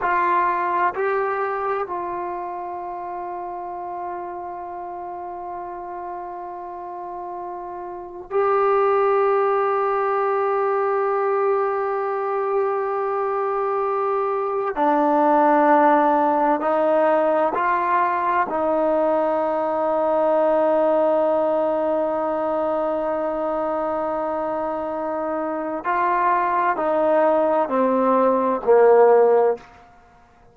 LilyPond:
\new Staff \with { instrumentName = "trombone" } { \time 4/4 \tempo 4 = 65 f'4 g'4 f'2~ | f'1~ | f'4 g'2.~ | g'1 |
d'2 dis'4 f'4 | dis'1~ | dis'1 | f'4 dis'4 c'4 ais4 | }